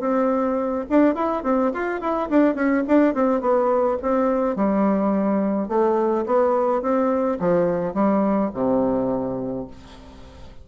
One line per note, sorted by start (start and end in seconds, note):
0.00 0.85 C4
0.90 1.15 D4
1.15 1.43 E4
1.43 1.72 C4
1.73 2.01 F4
2.01 2.29 E4
2.30 2.55 D4
2.55 2.83 C#4
2.88 3.14 D4
3.14 3.41 C4
3.41 3.98 B3
4.02 4.56 C4
4.56 5.68 G3
5.68 6.25 A3
6.26 6.82 B3
6.82 7.38 C4
7.39 7.94 F3
7.94 8.51 G3
8.54 9.67 C3